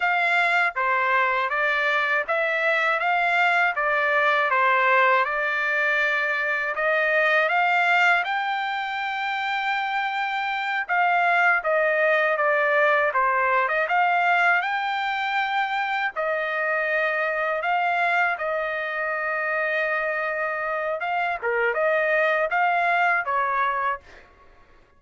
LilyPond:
\new Staff \with { instrumentName = "trumpet" } { \time 4/4 \tempo 4 = 80 f''4 c''4 d''4 e''4 | f''4 d''4 c''4 d''4~ | d''4 dis''4 f''4 g''4~ | g''2~ g''8 f''4 dis''8~ |
dis''8 d''4 c''8. dis''16 f''4 g''8~ | g''4. dis''2 f''8~ | f''8 dis''2.~ dis''8 | f''8 ais'8 dis''4 f''4 cis''4 | }